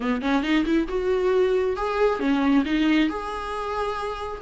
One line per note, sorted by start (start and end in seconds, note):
0.00 0.21 B3
0.21 0.42 C#4
0.42 0.64 D#4
0.65 0.87 E4
0.88 1.76 F#4
1.76 2.19 G#4
2.19 2.64 C#4
2.65 3.09 D#4
3.09 4.41 G#4